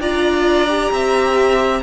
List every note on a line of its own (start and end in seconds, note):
0.00 0.91 D4
0.00 0.68 F4
0.00 0.92 D5
0.00 1.83 A#5
0.68 1.82 G4
0.92 1.83 C4
0.92 1.83 E5